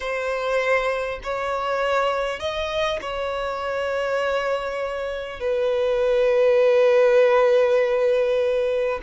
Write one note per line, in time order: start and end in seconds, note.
0.00 1.20 C5
1.23 2.39 C#5
2.39 2.99 D#5
3.01 5.40 C#5
5.40 9.00 B4